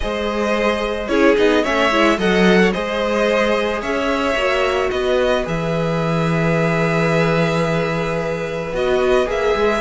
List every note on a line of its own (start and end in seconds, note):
0.00 1.08 G#3
0.00 1.09 G#4
0.00 1.10 C5
0.00 1.08 D#5
1.08 1.35 C#4
1.08 1.36 E4
1.08 1.63 G#4
1.08 1.35 C#5
1.36 1.65 B3
1.36 1.63 D#4
1.36 1.64 D#5
1.63 1.92 A3
1.63 1.90 C#4
1.63 2.17 C#5
1.63 2.19 E5
1.91 2.18 G#3
1.91 2.18 E4
2.18 2.72 F#3
2.18 2.72 A4
2.18 2.59 D#5
2.18 2.72 F#5
2.62 2.73 C#5
2.72 3.82 G#3
2.72 4.37 G#4
2.72 3.81 C5
2.72 3.81 D#5
3.81 4.35 C#4
3.81 4.90 C#5
3.81 4.90 E5
4.35 4.89 A#3
4.35 5.44 F#4
4.90 5.46 B3
4.90 9.80 B4
4.90 5.45 D#5
5.44 8.72 E3
5.44 8.71 G#4
5.44 8.75 E5
8.72 9.27 B3
8.72 9.26 F#4
8.72 9.29 D#5
9.26 9.55 A#3
9.26 9.80 G#4
9.26 9.80 E5
9.55 9.80 G#3